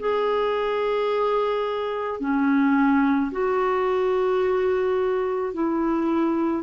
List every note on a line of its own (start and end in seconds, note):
0.00 2.21 G#4
2.21 3.32 C#4
3.32 5.54 F#4
5.54 6.64 E4